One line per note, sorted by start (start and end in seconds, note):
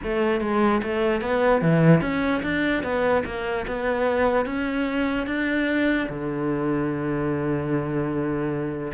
0.03 0.41 A3
0.41 0.81 G#3
0.82 1.21 A3
1.21 1.61 B3
1.61 2.01 E3
2.01 2.41 C#4
2.42 2.83 D4
2.83 3.23 B3
3.25 3.65 A#3
3.67 4.45 B3
4.45 5.26 C#4
5.26 6.07 D4
6.08 8.92 D3